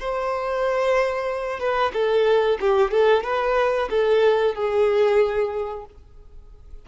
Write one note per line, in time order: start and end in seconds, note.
0.00 1.60 C5
1.60 1.93 B4
1.94 2.59 A4
2.61 2.92 G4
2.92 3.24 A4
3.24 3.89 B4
3.90 4.55 A4
4.55 5.86 G#4